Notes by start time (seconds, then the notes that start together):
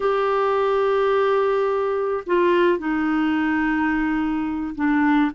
0.00 G4
2.26 F4
2.78 D#4
4.75 D4